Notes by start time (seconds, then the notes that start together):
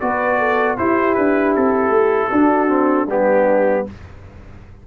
0.00 B3 F#4 B4 D5
0.38 A4
0.77 E4 G4 C5
1.15 D4 B4
1.55 C4 A4
1.89 A3
2.30 D4 F#4
2.68 C4
3.07 G3 B3 D4 G4